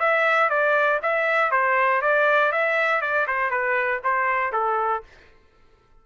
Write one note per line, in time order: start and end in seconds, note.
0.00 0.50 E5
0.50 1.01 D5
1.03 1.51 E5
1.51 2.02 C5
2.02 2.52 D5
2.52 3.01 E5
3.01 3.27 D5
3.28 3.51 C5
3.51 4.01 B4
4.04 4.53 C5
4.53 5.03 A4